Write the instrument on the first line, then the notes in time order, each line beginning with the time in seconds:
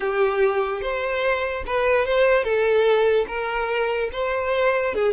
violin
0.00 G4
0.81 C5
1.66 B4
2.05 C5
2.43 A4
3.27 A#4
4.12 C5
4.94 G#4